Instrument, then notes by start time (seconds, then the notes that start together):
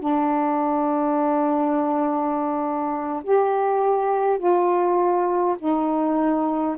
saxophone
0.00 D4
3.24 G4
4.39 F4
5.59 D#4